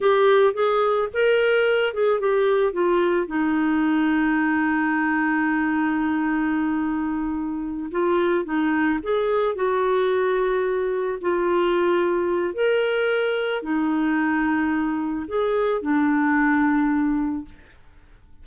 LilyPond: \new Staff \with { instrumentName = "clarinet" } { \time 4/4 \tempo 4 = 110 g'4 gis'4 ais'4. gis'8 | g'4 f'4 dis'2~ | dis'1~ | dis'2~ dis'8 f'4 dis'8~ |
dis'8 gis'4 fis'2~ fis'8~ | fis'8 f'2~ f'8 ais'4~ | ais'4 dis'2. | gis'4 d'2. | }